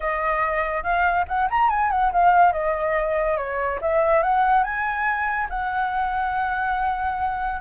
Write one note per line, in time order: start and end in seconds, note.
0.00 0.83 D#5
0.83 1.25 F5
1.28 1.49 F#5
1.50 1.69 A#5
1.69 1.90 G#5
1.90 2.11 F#5
2.12 2.52 F5
2.52 3.37 D#5
3.37 3.79 C#5
3.81 4.22 E5
4.22 4.63 F#5
4.63 5.48 G#5
5.49 7.60 F#5